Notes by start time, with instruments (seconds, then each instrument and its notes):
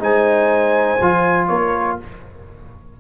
0.00 tuba G#3, trombone D#4, horn C5, trumpet G#5
1.01 tuba F3, trombone F4
1.47 tuba A#3, horn A#4, trumpet C#5